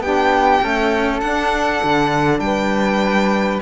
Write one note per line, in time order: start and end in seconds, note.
0.00 0.60 B3
0.00 0.61 D4
0.00 0.64 G4
0.00 1.20 G5
0.61 1.21 A3
0.61 1.22 C#4
0.61 2.44 A4
1.20 3.61 D4
1.20 1.82 D4
1.20 2.40 F#5
1.84 2.39 D3
2.39 3.59 G3
2.39 3.62 B4
2.39 3.60 G5